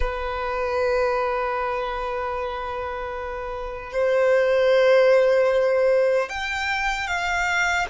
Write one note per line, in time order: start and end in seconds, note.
0.00 3.92 B4
3.92 6.29 C5
6.29 7.07 G5
7.07 7.86 F5